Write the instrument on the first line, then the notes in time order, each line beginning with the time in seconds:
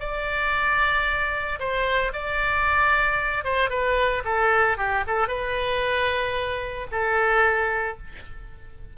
oboe
0.00 D5
1.60 C5
2.13 D5
3.44 C5
3.70 B4
4.25 A4
4.78 G4
5.07 A4
5.28 B4
6.91 A4